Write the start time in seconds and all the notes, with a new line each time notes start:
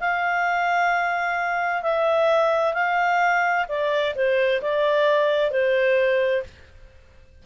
0.00 F5
1.83 E5
2.74 F5
3.68 D5
4.15 C5
4.62 D5
5.51 C5